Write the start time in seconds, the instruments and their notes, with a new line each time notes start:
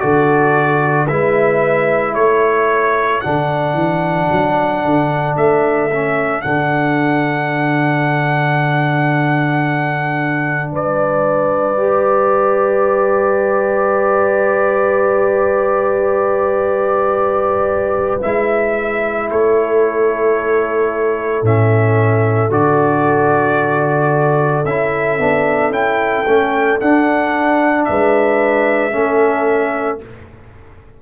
0.00 tuba D3, trombone F#4, horn A4, trumpet D5
1.08 tuba G#3, trombone E4, horn B4, trumpet E5
2.15 tuba A3, horn A4, trumpet C#5
3.21 tuba D3, trombone D4, trumpet F#5
3.74 tuba E3
4.32 tuba F#3
4.84 tuba D3
5.37 tuba A3, trumpet E5
5.92 trombone C#4
6.42 tuba D3, trombone D4, trumpet F#5
10.73 tuba G3, horn B4, trumpet D5
11.78 trombone G4
18.22 tuba G#3, trombone E4, trumpet E5
19.31 tuba A3, horn A4, trumpet C#5
21.42 tuba A2, trombone C#4, trumpet E5
22.50 tuba D3, trombone F#4, trumpet D5
24.65 tuba C#4, trombone E4, trumpet E5
25.19 tuba B3, trombone D4
25.70 tuba C#4, trombone E4, trumpet G5
26.27 tuba A3, trombone C#4
26.81 trombone D4, tuba D4, trumpet F#5
27.85 tuba G#3, horn B4, trumpet E5
28.92 tuba A3, trombone C#4, horn A4